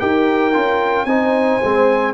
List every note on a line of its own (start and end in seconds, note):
0.00 0.55 D#4
0.00 0.53 G4
0.00 1.07 A#4
0.00 1.06 G5
0.53 1.06 C#4
0.53 1.07 F4
1.06 1.59 C4
1.06 1.62 D#4
1.06 2.14 C5
1.06 2.13 G#5
1.64 2.14 G#3
1.64 2.14 C4